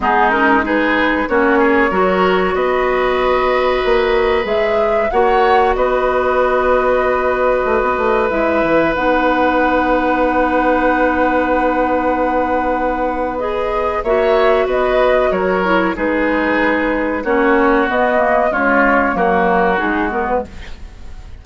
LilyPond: <<
  \new Staff \with { instrumentName = "flute" } { \time 4/4 \tempo 4 = 94 gis'8 ais'8 b'4 cis''2 | dis''2. e''4 | fis''4 dis''2.~ | dis''4 e''4 fis''2~ |
fis''1~ | fis''4 dis''4 e''4 dis''4 | cis''4 b'2 cis''4 | dis''4 cis''4 ais'4 gis'8 ais'16 b'16 | }
  \new Staff \with { instrumentName = "oboe" } { \time 4/4 dis'4 gis'4 fis'8 gis'8 ais'4 | b'1 | cis''4 b'2.~ | b'1~ |
b'1~ | b'2 cis''4 b'4 | ais'4 gis'2 fis'4~ | fis'4 f'4 fis'2 | }
  \new Staff \with { instrumentName = "clarinet" } { \time 4/4 b8 cis'8 dis'4 cis'4 fis'4~ | fis'2. gis'4 | fis'1~ | fis'4 e'4 dis'2~ |
dis'1~ | dis'4 gis'4 fis'2~ | fis'8 e'8 dis'2 cis'4 | b8 ais8 gis4 ais4 dis'8 b8 | }
  \new Staff \with { instrumentName = "bassoon" } { \time 4/4 gis2 ais4 fis4 | b2 ais4 gis4 | ais4 b2. | a16 b16 a8 gis8 e8 b2~ |
b1~ | b2 ais4 b4 | fis4 gis2 ais4 | b4 cis'4 fis4 gis4 | }
>>